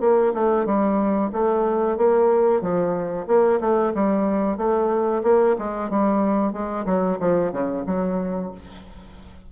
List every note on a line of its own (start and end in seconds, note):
0.00 0.33 A#3
0.34 0.65 A3
0.65 1.30 G3
1.32 1.97 A3
1.97 2.61 A#3
2.61 3.26 F3
3.27 3.59 A#3
3.60 3.92 A3
3.94 4.57 G3
4.57 5.22 A3
5.23 5.56 A#3
5.58 5.90 G#3
5.90 6.52 G3
6.52 6.85 G#3
6.85 7.18 F#3
7.19 7.51 F3
7.51 7.84 C#3
7.86 8.51 F#3